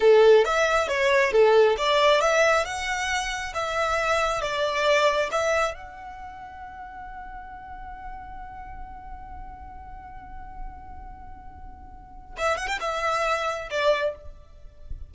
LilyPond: \new Staff \with { instrumentName = "violin" } { \time 4/4 \tempo 4 = 136 a'4 e''4 cis''4 a'4 | d''4 e''4 fis''2 | e''2 d''2 | e''4 fis''2.~ |
fis''1~ | fis''1~ | fis''1 | e''8 fis''16 g''16 e''2 d''4 | }